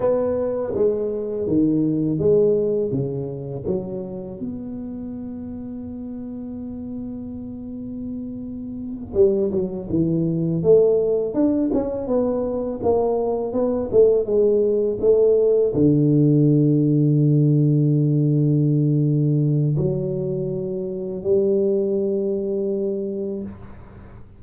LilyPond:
\new Staff \with { instrumentName = "tuba" } { \time 4/4 \tempo 4 = 82 b4 gis4 dis4 gis4 | cis4 fis4 b2~ | b1~ | b8 g8 fis8 e4 a4 d'8 |
cis'8 b4 ais4 b8 a8 gis8~ | gis8 a4 d2~ d8~ | d2. fis4~ | fis4 g2. | }